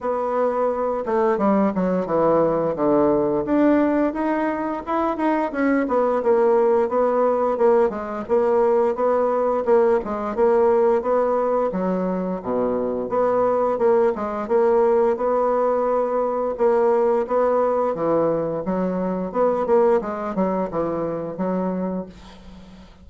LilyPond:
\new Staff \with { instrumentName = "bassoon" } { \time 4/4 \tempo 4 = 87 b4. a8 g8 fis8 e4 | d4 d'4 dis'4 e'8 dis'8 | cis'8 b8 ais4 b4 ais8 gis8 | ais4 b4 ais8 gis8 ais4 |
b4 fis4 b,4 b4 | ais8 gis8 ais4 b2 | ais4 b4 e4 fis4 | b8 ais8 gis8 fis8 e4 fis4 | }